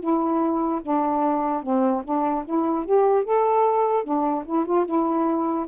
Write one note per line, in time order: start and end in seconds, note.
0.00 0.81 E4
0.82 1.63 D4
1.63 2.03 C4
2.04 2.45 D4
2.45 2.85 E4
2.85 3.24 G4
3.24 4.04 A4
4.04 4.44 D4
4.45 4.65 E4
4.65 4.85 F4
4.85 5.66 E4